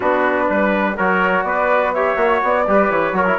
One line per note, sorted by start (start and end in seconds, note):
0.00 0.49 B3
0.00 0.95 D4
0.00 0.48 F#4
0.00 0.96 B4
0.49 0.97 G3
0.49 0.97 B4
0.97 1.43 F#3
0.97 1.96 F#4
0.97 1.45 A#4
0.97 1.43 C#5
1.43 2.15 B3
1.43 1.94 B4
1.43 1.92 D5
1.93 2.17 G4
1.93 2.67 C#5
1.93 2.41 E5
2.16 2.40 A#3
2.16 2.65 F#4
2.42 2.67 B3
2.42 2.90 D5
2.67 2.90 G3
2.67 3.13 G4
2.67 3.16 B4
2.90 3.12 E3
2.90 3.39 C#5
3.12 3.36 F#3
3.12 3.25 F#4
3.12 3.39 A#4
3.26 3.38 E4